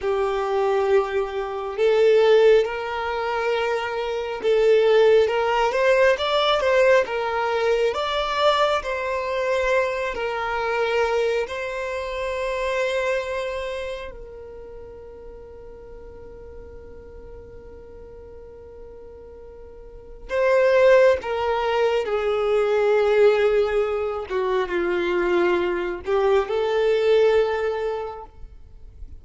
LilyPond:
\new Staff \with { instrumentName = "violin" } { \time 4/4 \tempo 4 = 68 g'2 a'4 ais'4~ | ais'4 a'4 ais'8 c''8 d''8 c''8 | ais'4 d''4 c''4. ais'8~ | ais'4 c''2. |
ais'1~ | ais'2. c''4 | ais'4 gis'2~ gis'8 fis'8 | f'4. g'8 a'2 | }